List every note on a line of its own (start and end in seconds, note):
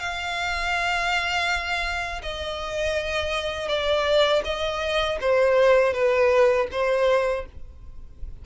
0.00 2.22 F5
2.23 3.69 D#5
3.69 4.43 D5
4.45 5.19 D#5
5.21 5.94 C5
5.94 6.68 B4
6.72 7.46 C5